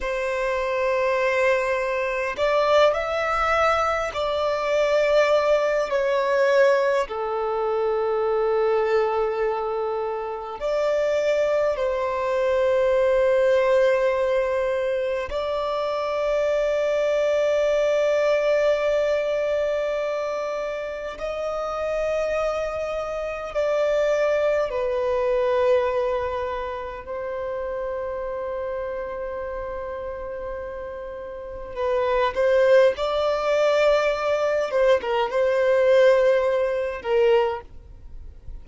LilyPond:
\new Staff \with { instrumentName = "violin" } { \time 4/4 \tempo 4 = 51 c''2 d''8 e''4 d''8~ | d''4 cis''4 a'2~ | a'4 d''4 c''2~ | c''4 d''2.~ |
d''2 dis''2 | d''4 b'2 c''4~ | c''2. b'8 c''8 | d''4. c''16 ais'16 c''4. ais'8 | }